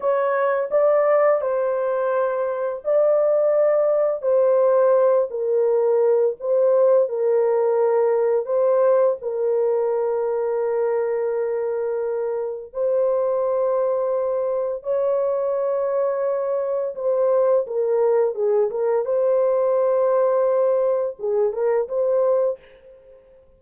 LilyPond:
\new Staff \with { instrumentName = "horn" } { \time 4/4 \tempo 4 = 85 cis''4 d''4 c''2 | d''2 c''4. ais'8~ | ais'4 c''4 ais'2 | c''4 ais'2.~ |
ais'2 c''2~ | c''4 cis''2. | c''4 ais'4 gis'8 ais'8 c''4~ | c''2 gis'8 ais'8 c''4 | }